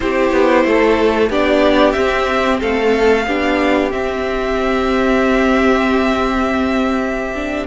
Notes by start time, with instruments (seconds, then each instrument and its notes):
0.00 cello C4, viola E4, violin G4 C5
0.32 cello B3
0.64 cello A3, violin A4
1.29 cello B3, viola D4, violin G4 D5
1.92 cello C4, viola C4, violin E5
2.60 cello A3, violin A4 F5
3.26 cello B3, viola D4, violin G4
3.91 viola C4, cello C4, violin E5
7.35 viola D4